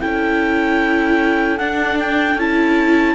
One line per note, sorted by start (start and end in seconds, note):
0.00 1.60 C#4
0.00 1.58 E4
0.00 3.15 A4
0.00 1.57 G5
1.57 2.38 D4
1.57 2.36 D4
1.57 1.97 F#5
1.99 2.39 G5
2.36 3.15 C#4
2.36 3.15 E4
2.36 3.15 A5